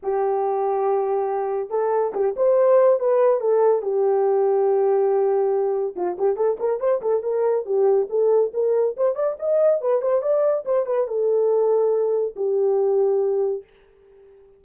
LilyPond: \new Staff \with { instrumentName = "horn" } { \time 4/4 \tempo 4 = 141 g'1 | a'4 g'8 c''4. b'4 | a'4 g'2.~ | g'2 f'8 g'8 a'8 ais'8 |
c''8 a'8 ais'4 g'4 a'4 | ais'4 c''8 d''8 dis''4 b'8 c''8 | d''4 c''8 b'8 a'2~ | a'4 g'2. | }